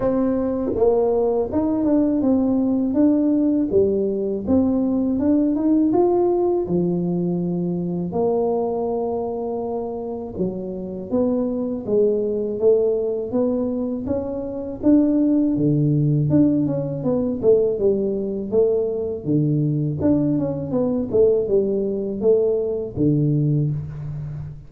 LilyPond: \new Staff \with { instrumentName = "tuba" } { \time 4/4 \tempo 4 = 81 c'4 ais4 dis'8 d'8 c'4 | d'4 g4 c'4 d'8 dis'8 | f'4 f2 ais4~ | ais2 fis4 b4 |
gis4 a4 b4 cis'4 | d'4 d4 d'8 cis'8 b8 a8 | g4 a4 d4 d'8 cis'8 | b8 a8 g4 a4 d4 | }